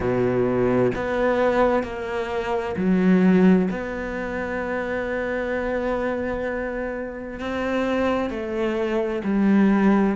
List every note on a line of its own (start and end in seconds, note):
0.00 0.91 B2
0.95 1.83 B3
1.83 2.75 A#3
2.76 3.68 F#3
3.70 7.39 B3
7.39 8.30 C4
8.30 9.22 A3
9.23 10.15 G3